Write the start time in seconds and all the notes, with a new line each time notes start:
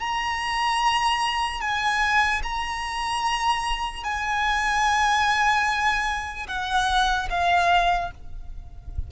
0.00 A#5
1.61 G#5
2.44 A#5
4.04 G#5
6.48 F#5
7.30 F5